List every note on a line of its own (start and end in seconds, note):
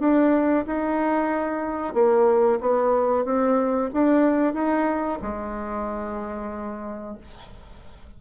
0.00 0.65 D4
0.67 1.94 D#4
1.94 2.60 A#3
2.61 3.25 B3
3.25 3.90 C4
3.93 4.54 D4
4.54 5.19 D#4
5.22 7.18 G#3